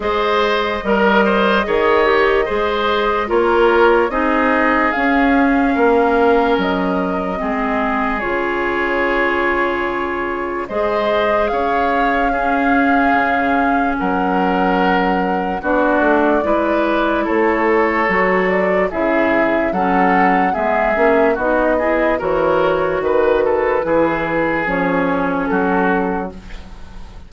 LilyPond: <<
  \new Staff \with { instrumentName = "flute" } { \time 4/4 \tempo 4 = 73 dis''1 | cis''4 dis''4 f''2 | dis''2 cis''2~ | cis''4 dis''4 f''2~ |
f''4 fis''2 d''4~ | d''4 cis''4. d''8 e''4 | fis''4 e''4 dis''4 cis''4 | b'2 cis''4 a'4 | }
  \new Staff \with { instrumentName = "oboe" } { \time 4/4 c''4 ais'8 c''8 cis''4 c''4 | ais'4 gis'2 ais'4~ | ais'4 gis'2.~ | gis'4 c''4 cis''4 gis'4~ |
gis'4 ais'2 fis'4 | b'4 a'2 gis'4 | a'4 gis'4 fis'8 gis'8 ais'4 | b'8 a'8 gis'2 fis'4 | }
  \new Staff \with { instrumentName = "clarinet" } { \time 4/4 gis'4 ais'4 gis'8 g'8 gis'4 | f'4 dis'4 cis'2~ | cis'4 c'4 f'2~ | f'4 gis'2 cis'4~ |
cis'2. d'4 | e'2 fis'4 e'4 | cis'4 b8 cis'8 dis'8 e'8 fis'4~ | fis'4 e'4 cis'2 | }
  \new Staff \with { instrumentName = "bassoon" } { \time 4/4 gis4 g4 dis4 gis4 | ais4 c'4 cis'4 ais4 | fis4 gis4 cis2~ | cis4 gis4 cis'2 |
cis4 fis2 b8 a8 | gis4 a4 fis4 cis4 | fis4 gis8 ais8 b4 e4 | dis4 e4 f4 fis4 | }
>>